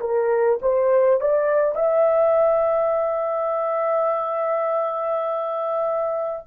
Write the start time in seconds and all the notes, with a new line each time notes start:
0.00 A#4
0.61 C5
1.20 D5
1.75 E5